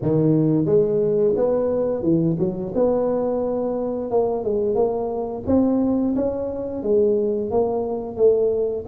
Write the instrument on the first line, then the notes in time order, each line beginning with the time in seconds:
tuba
0.02 D#3
0.65 G#3
1.36 B3
2.02 E3
2.38 F#3
2.75 B3
4.10 A#3
4.44 G#3
4.75 A#3
5.46 C4
6.15 C#4
6.82 G#3
7.50 A#3
8.16 A3